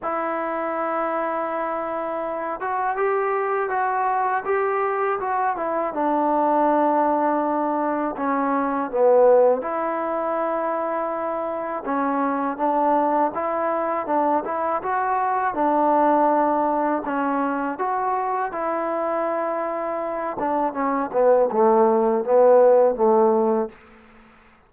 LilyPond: \new Staff \with { instrumentName = "trombone" } { \time 4/4 \tempo 4 = 81 e'2.~ e'8 fis'8 | g'4 fis'4 g'4 fis'8 e'8 | d'2. cis'4 | b4 e'2. |
cis'4 d'4 e'4 d'8 e'8 | fis'4 d'2 cis'4 | fis'4 e'2~ e'8 d'8 | cis'8 b8 a4 b4 a4 | }